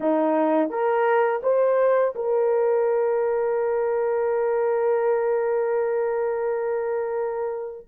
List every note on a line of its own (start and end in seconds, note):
0.00 0.69 D#4
0.69 1.41 A#4
1.43 2.14 C5
2.15 7.86 A#4